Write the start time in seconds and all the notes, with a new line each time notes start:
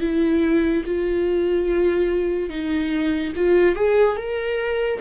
0.00 E4
0.85 F4
2.49 D#4
3.35 F4
3.75 G#4
4.16 A#4